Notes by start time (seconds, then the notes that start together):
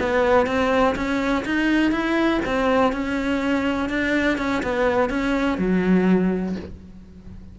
0.00 B3
0.47 C4
0.96 C#4
1.45 D#4
1.92 E4
2.46 C4
2.93 C#4
3.89 D4
4.38 C#4
4.63 B3
5.10 C#4
5.58 F#3